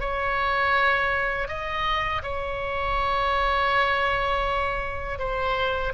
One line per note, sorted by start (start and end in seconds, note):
0.00 1.48 C#5
1.48 2.22 D#5
2.23 5.19 C#5
5.19 5.93 C5